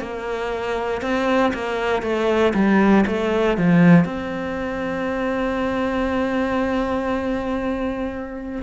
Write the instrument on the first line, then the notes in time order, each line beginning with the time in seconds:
cello
0.00 A#3
1.02 C4
1.53 A#3
2.02 A3
2.54 G3
3.07 A3
3.58 F3
4.04 C4